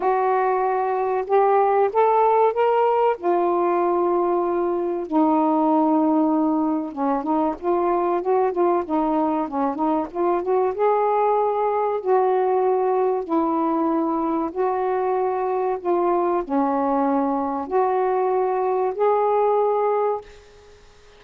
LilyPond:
\new Staff \with { instrumentName = "saxophone" } { \time 4/4 \tempo 4 = 95 fis'2 g'4 a'4 | ais'4 f'2. | dis'2. cis'8 dis'8 | f'4 fis'8 f'8 dis'4 cis'8 dis'8 |
f'8 fis'8 gis'2 fis'4~ | fis'4 e'2 fis'4~ | fis'4 f'4 cis'2 | fis'2 gis'2 | }